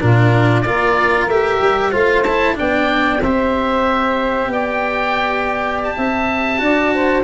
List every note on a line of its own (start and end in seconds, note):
0.00 0.65 A#2
0.00 0.65 D4
0.00 0.65 F4
0.00 0.61 A#4
0.61 1.27 A#3
0.61 1.30 F4
0.61 1.90 A#4
0.61 1.25 D5
1.27 1.59 A3
1.27 1.92 G4
1.27 1.93 E5
1.61 1.93 G3
1.90 2.57 A3
1.90 2.24 F4
1.90 2.54 C5
1.90 2.23 F5
2.23 2.55 E4
2.23 2.55 A5
2.55 3.21 B3
2.55 3.19 D4
2.55 3.21 D5
2.55 3.23 G5
3.21 4.47 C4
3.21 6.58 G4
3.21 4.50 C5
3.21 4.52 E5
4.47 5.92 B3
4.47 5.96 D5
4.47 5.81 G5
5.84 7.24 A5
5.96 6.60 C4
5.96 6.60 E5
6.58 7.24 D4
6.58 7.22 F#4
6.58 6.93 D5
6.93 7.24 C5